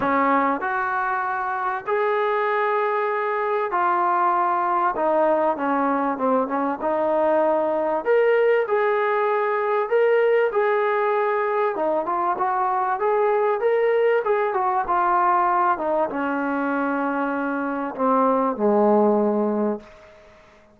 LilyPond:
\new Staff \with { instrumentName = "trombone" } { \time 4/4 \tempo 4 = 97 cis'4 fis'2 gis'4~ | gis'2 f'2 | dis'4 cis'4 c'8 cis'8 dis'4~ | dis'4 ais'4 gis'2 |
ais'4 gis'2 dis'8 f'8 | fis'4 gis'4 ais'4 gis'8 fis'8 | f'4. dis'8 cis'2~ | cis'4 c'4 gis2 | }